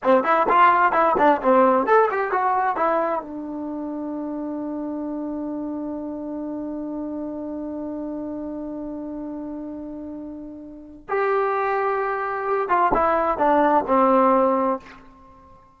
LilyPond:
\new Staff \with { instrumentName = "trombone" } { \time 4/4 \tempo 4 = 130 c'8 e'8 f'4 e'8 d'8 c'4 | a'8 g'8 fis'4 e'4 d'4~ | d'1~ | d'1~ |
d'1~ | d'1 | g'2.~ g'8 f'8 | e'4 d'4 c'2 | }